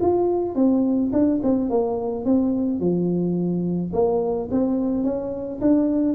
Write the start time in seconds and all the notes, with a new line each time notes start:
0.00 F4
0.55 C4
1.12 D4
1.43 C4
1.69 A#3
2.25 C4
2.79 F3
3.93 A#3
4.51 C4
5.03 C#4
5.61 D4